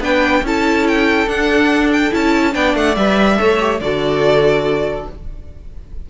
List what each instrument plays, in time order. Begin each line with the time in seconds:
0.00 cello B3, viola D4, violin B4 G5
0.42 cello C#4, viola E4, violin A4 A5
0.87 violin G5
1.27 cello D4, viola D4, violin F#5
1.93 violin G5
2.11 cello C#4, viola E4, violin A5
2.52 cello B3, viola D4, violin D5 G5
2.75 cello A3, violin F#5
2.96 cello G3, viola B4, violin E5
3.36 cello A3, viola A4, violin C#5
3.60 viola G4
3.80 cello D3, viola F#4, violin A4 D5